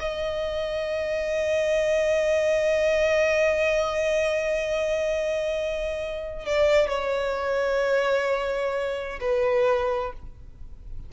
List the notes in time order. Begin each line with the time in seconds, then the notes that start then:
0.00 D#5
6.46 D5
6.89 C#5
9.21 B4